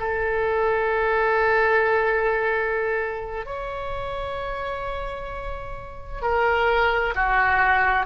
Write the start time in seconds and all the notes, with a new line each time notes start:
0.00 A4
3.46 C#5
6.22 A#4
7.15 F#4